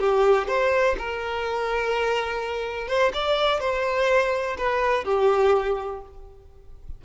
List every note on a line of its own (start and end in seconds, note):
0.00 0.48 G4
0.48 0.96 C5
0.99 2.88 A#4
2.88 3.12 C5
3.14 3.60 D5
3.60 4.57 C5
4.58 5.05 B4
5.05 6.02 G4